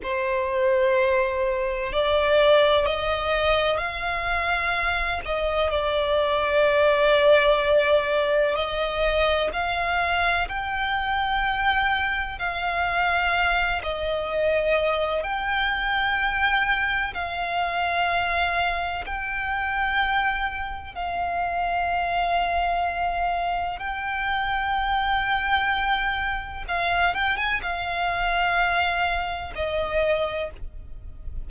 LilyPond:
\new Staff \with { instrumentName = "violin" } { \time 4/4 \tempo 4 = 63 c''2 d''4 dis''4 | f''4. dis''8 d''2~ | d''4 dis''4 f''4 g''4~ | g''4 f''4. dis''4. |
g''2 f''2 | g''2 f''2~ | f''4 g''2. | f''8 g''16 gis''16 f''2 dis''4 | }